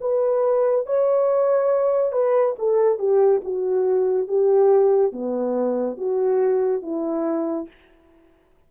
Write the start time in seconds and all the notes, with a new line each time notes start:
0.00 B4
0.86 C#5
2.12 B4
2.58 A4
2.98 G4
3.44 F#4
4.27 G4
5.12 B3
5.97 F#4
6.82 E4